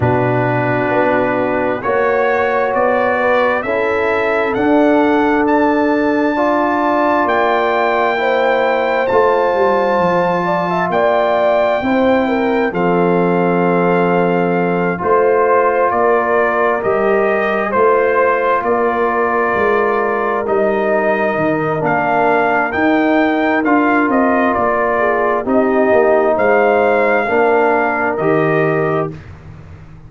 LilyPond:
<<
  \new Staff \with { instrumentName = "trumpet" } { \time 4/4 \tempo 4 = 66 b'2 cis''4 d''4 | e''4 fis''4 a''2 | g''2 a''2 | g''2 f''2~ |
f''8 c''4 d''4 dis''4 c''8~ | c''8 d''2 dis''4. | f''4 g''4 f''8 dis''8 d''4 | dis''4 f''2 dis''4 | }
  \new Staff \with { instrumentName = "horn" } { \time 4/4 fis'2 cis''4. b'8 | a'2. d''4~ | d''4 c''2~ c''8 d''16 e''16 | d''4 c''8 ais'8 a'2~ |
a'8 c''4 ais'2 c''8~ | c''8 ais'2.~ ais'8~ | ais'2.~ ais'8 gis'8 | g'4 c''4 ais'2 | }
  \new Staff \with { instrumentName = "trombone" } { \time 4/4 d'2 fis'2 | e'4 d'2 f'4~ | f'4 e'4 f'2~ | f'4 e'4 c'2~ |
c'8 f'2 g'4 f'8~ | f'2~ f'8 dis'4. | d'4 dis'4 f'2 | dis'2 d'4 g'4 | }
  \new Staff \with { instrumentName = "tuba" } { \time 4/4 b,4 b4 ais4 b4 | cis'4 d'2. | ais2 a8 g8 f4 | ais4 c'4 f2~ |
f8 a4 ais4 g4 a8~ | a8 ais4 gis4 g4 dis8 | ais4 dis'4 d'8 c'8 ais4 | c'8 ais8 gis4 ais4 dis4 | }
>>